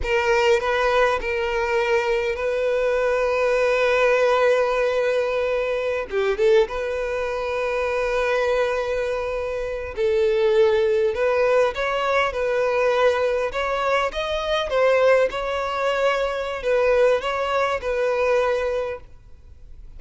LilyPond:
\new Staff \with { instrumentName = "violin" } { \time 4/4 \tempo 4 = 101 ais'4 b'4 ais'2 | b'1~ | b'2~ b'16 g'8 a'8 b'8.~ | b'1~ |
b'8. a'2 b'4 cis''16~ | cis''8. b'2 cis''4 dis''16~ | dis''8. c''4 cis''2~ cis''16 | b'4 cis''4 b'2 | }